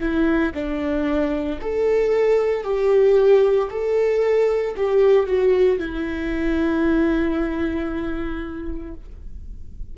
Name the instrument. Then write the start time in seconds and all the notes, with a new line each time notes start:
viola
0.00 E4
0.54 D4
1.61 A4
2.64 G4
3.70 A4
4.77 G4
5.27 F#4
5.79 E4